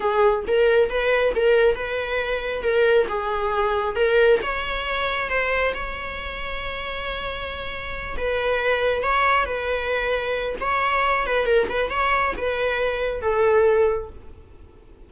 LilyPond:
\new Staff \with { instrumentName = "viola" } { \time 4/4 \tempo 4 = 136 gis'4 ais'4 b'4 ais'4 | b'2 ais'4 gis'4~ | gis'4 ais'4 cis''2 | c''4 cis''2.~ |
cis''2~ cis''8 b'4.~ | b'8 cis''4 b'2~ b'8 | cis''4. b'8 ais'8 b'8 cis''4 | b'2 a'2 | }